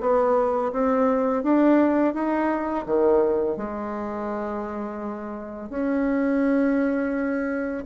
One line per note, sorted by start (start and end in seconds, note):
0.00 0.71 B3
0.72 1.43 C4
1.43 2.14 D4
2.14 2.85 D#4
2.86 3.56 D#3
3.56 5.69 G#3
5.69 7.84 C#4